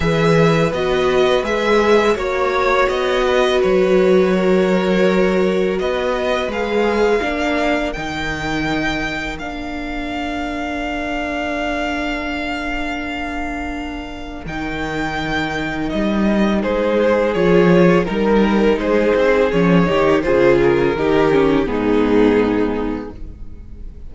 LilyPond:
<<
  \new Staff \with { instrumentName = "violin" } { \time 4/4 \tempo 4 = 83 e''4 dis''4 e''4 cis''4 | dis''4 cis''2. | dis''4 f''2 g''4~ | g''4 f''2.~ |
f''1 | g''2 dis''4 c''4 | cis''4 ais'4 c''4 cis''4 | c''8 ais'4. gis'2 | }
  \new Staff \with { instrumentName = "violin" } { \time 4/4 b'2. cis''4~ | cis''8 b'4. ais'2 | b'2 ais'2~ | ais'1~ |
ais'1~ | ais'2. gis'4~ | gis'4 ais'4 gis'4. g'8 | gis'4 g'4 dis'2 | }
  \new Staff \with { instrumentName = "viola" } { \time 4/4 gis'4 fis'4 gis'4 fis'4~ | fis'1~ | fis'4 gis'4 d'4 dis'4~ | dis'4 d'2.~ |
d'1 | dis'1 | f'4 dis'2 cis'8 dis'8 | f'4 dis'8 cis'8 b2 | }
  \new Staff \with { instrumentName = "cello" } { \time 4/4 e4 b4 gis4 ais4 | b4 fis2. | b4 gis4 ais4 dis4~ | dis4 ais2.~ |
ais1 | dis2 g4 gis4 | f4 g4 gis8 c'8 f8 dis8 | cis4 dis4 gis,2 | }
>>